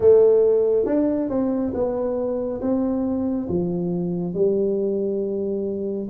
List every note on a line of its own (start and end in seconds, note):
0.00 0.85 A3
0.85 1.29 D4
1.29 1.72 C4
1.74 2.60 B3
2.61 3.48 C4
3.48 4.34 F3
4.34 6.08 G3